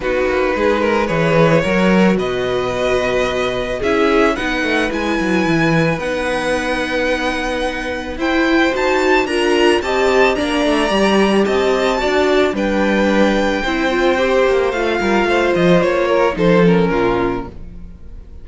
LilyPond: <<
  \new Staff \with { instrumentName = "violin" } { \time 4/4 \tempo 4 = 110 b'2 cis''2 | dis''2. e''4 | fis''4 gis''2 fis''4~ | fis''2. g''4 |
a''4 ais''4 a''4 ais''4~ | ais''4 a''2 g''4~ | g''2. f''4~ | f''8 dis''8 cis''4 c''8 ais'4. | }
  \new Staff \with { instrumentName = "violin" } { \time 4/4 fis'4 gis'8 ais'8 b'4 ais'4 | b'2. gis'4 | b'1~ | b'2. c''4~ |
c''4 ais'4 dis''4 d''4~ | d''4 dis''4 d''4 b'4~ | b'4 c''2~ c''8 ais'8 | c''4. ais'8 a'4 f'4 | }
  \new Staff \with { instrumentName = "viola" } { \time 4/4 dis'2 gis'4 fis'4~ | fis'2. e'4 | dis'4 e'2 dis'4~ | dis'2. e'4 |
fis'4 f'4 g'4 d'4 | g'2 fis'4 d'4~ | d'4 e'8 f'8 g'4 f'4~ | f'2 dis'8 cis'4. | }
  \new Staff \with { instrumentName = "cello" } { \time 4/4 b8 ais8 gis4 e4 fis4 | b,2. cis'4 | b8 a8 gis8 fis8 e4 b4~ | b2. e'4 |
dis'4 d'4 c'4 ais8 a8 | g4 c'4 d'4 g4~ | g4 c'4. ais8 a8 g8 | a8 f8 ais4 f4 ais,4 | }
>>